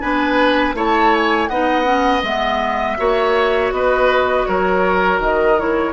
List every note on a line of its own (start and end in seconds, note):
0.00 0.74 B3
0.00 0.75 D4
0.00 0.75 B4
0.00 0.74 G#5
0.74 1.48 A3
0.74 1.49 E4
0.74 1.49 C#5
0.74 1.15 A5
1.15 1.47 G#5
1.47 2.23 B3
1.47 1.84 D#4
1.47 2.97 D#5
1.47 2.21 F#5
1.84 2.21 C#4
2.23 2.97 G#3
2.23 2.97 B3
2.23 3.73 E5
2.97 3.71 A#3
2.97 5.57 F#4
2.97 3.73 C#5
3.71 4.46 B3
3.71 4.48 B4
3.71 4.46 D#5
4.46 5.19 F#3
4.46 5.92 A#4
4.46 5.20 C#5
5.19 5.92 D#3
5.19 5.59 D#5
5.57 5.92 E4
5.57 5.92 C#5